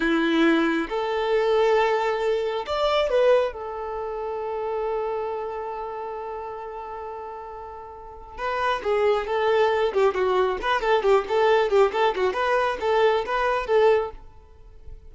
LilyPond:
\new Staff \with { instrumentName = "violin" } { \time 4/4 \tempo 4 = 136 e'2 a'2~ | a'2 d''4 b'4 | a'1~ | a'1~ |
a'2. b'4 | gis'4 a'4. g'8 fis'4 | b'8 a'8 g'8 a'4 g'8 a'8 fis'8 | b'4 a'4 b'4 a'4 | }